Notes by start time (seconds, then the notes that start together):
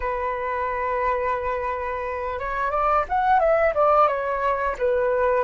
0.00 B4
2.39 C#5
2.71 D5
3.09 F#5
3.39 E5
3.74 D5
4.07 C#5
4.78 B4